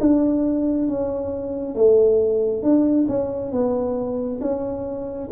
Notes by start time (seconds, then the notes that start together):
0.00 D4
0.88 C#4
1.75 A3
2.63 D4
3.08 C#4
3.52 B3
4.41 C#4